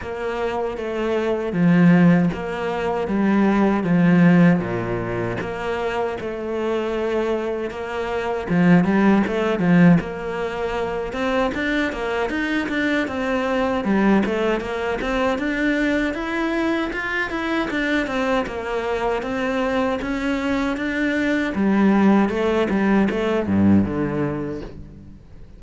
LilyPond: \new Staff \with { instrumentName = "cello" } { \time 4/4 \tempo 4 = 78 ais4 a4 f4 ais4 | g4 f4 ais,4 ais4 | a2 ais4 f8 g8 | a8 f8 ais4. c'8 d'8 ais8 |
dis'8 d'8 c'4 g8 a8 ais8 c'8 | d'4 e'4 f'8 e'8 d'8 c'8 | ais4 c'4 cis'4 d'4 | g4 a8 g8 a8 g,8 d4 | }